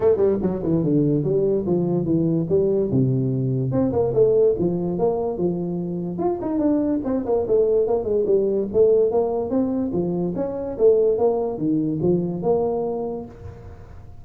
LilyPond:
\new Staff \with { instrumentName = "tuba" } { \time 4/4 \tempo 4 = 145 a8 g8 fis8 e8 d4 g4 | f4 e4 g4 c4~ | c4 c'8 ais8 a4 f4 | ais4 f2 f'8 dis'8 |
d'4 c'8 ais8 a4 ais8 gis8 | g4 a4 ais4 c'4 | f4 cis'4 a4 ais4 | dis4 f4 ais2 | }